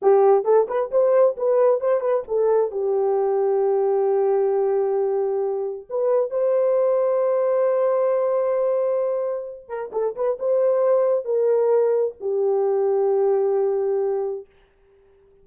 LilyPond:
\new Staff \with { instrumentName = "horn" } { \time 4/4 \tempo 4 = 133 g'4 a'8 b'8 c''4 b'4 | c''8 b'8 a'4 g'2~ | g'1~ | g'4 b'4 c''2~ |
c''1~ | c''4. ais'8 a'8 b'8 c''4~ | c''4 ais'2 g'4~ | g'1 | }